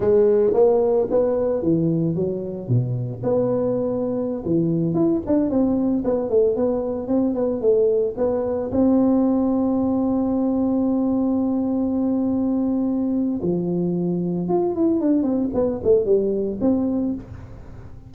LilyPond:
\new Staff \with { instrumentName = "tuba" } { \time 4/4 \tempo 4 = 112 gis4 ais4 b4 e4 | fis4 b,4 b2~ | b16 e4 e'8 d'8 c'4 b8 a16~ | a16 b4 c'8 b8 a4 b8.~ |
b16 c'2.~ c'8.~ | c'1~ | c'4 f2 f'8 e'8 | d'8 c'8 b8 a8 g4 c'4 | }